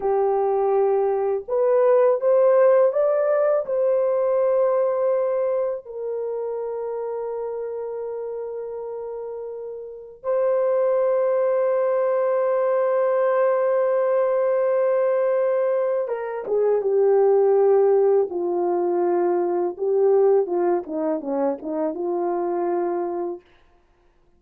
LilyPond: \new Staff \with { instrumentName = "horn" } { \time 4/4 \tempo 4 = 82 g'2 b'4 c''4 | d''4 c''2. | ais'1~ | ais'2 c''2~ |
c''1~ | c''2 ais'8 gis'8 g'4~ | g'4 f'2 g'4 | f'8 dis'8 cis'8 dis'8 f'2 | }